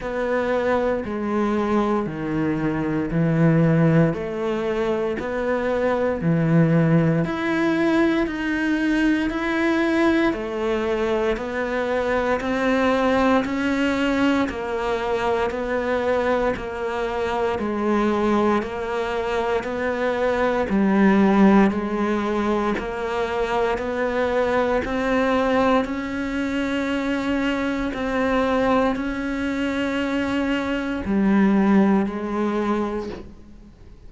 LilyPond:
\new Staff \with { instrumentName = "cello" } { \time 4/4 \tempo 4 = 58 b4 gis4 dis4 e4 | a4 b4 e4 e'4 | dis'4 e'4 a4 b4 | c'4 cis'4 ais4 b4 |
ais4 gis4 ais4 b4 | g4 gis4 ais4 b4 | c'4 cis'2 c'4 | cis'2 g4 gis4 | }